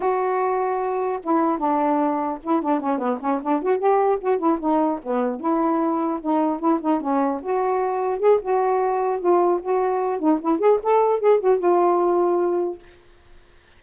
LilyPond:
\new Staff \with { instrumentName = "saxophone" } { \time 4/4 \tempo 4 = 150 fis'2. e'4 | d'2 e'8 d'8 cis'8 b8 | cis'8 d'8 fis'8 g'4 fis'8 e'8 dis'8~ | dis'8 b4 e'2 dis'8~ |
dis'8 e'8 dis'8 cis'4 fis'4.~ | fis'8 gis'8 fis'2 f'4 | fis'4. dis'8 e'8 gis'8 a'4 | gis'8 fis'8 f'2. | }